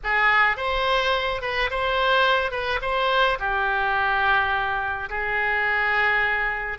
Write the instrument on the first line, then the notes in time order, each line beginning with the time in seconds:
oboe
0.03 G#4
0.57 C5
1.42 B4
1.70 C5
2.51 B4
2.81 C5
3.39 G4
5.09 G#4